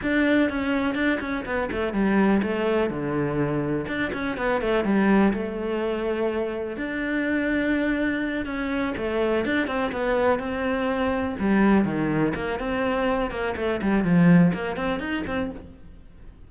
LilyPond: \new Staff \with { instrumentName = "cello" } { \time 4/4 \tempo 4 = 124 d'4 cis'4 d'8 cis'8 b8 a8 | g4 a4 d2 | d'8 cis'8 b8 a8 g4 a4~ | a2 d'2~ |
d'4. cis'4 a4 d'8 | c'8 b4 c'2 g8~ | g8 dis4 ais8 c'4. ais8 | a8 g8 f4 ais8 c'8 dis'8 c'8 | }